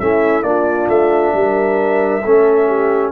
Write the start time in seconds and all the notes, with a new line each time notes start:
0.00 A3 C#4 E4 E5
0.43 A#3 D4 F4 D5
0.88 A3 E5
1.34 G3 A#4
2.25 A3 C#4 A4
2.67 G4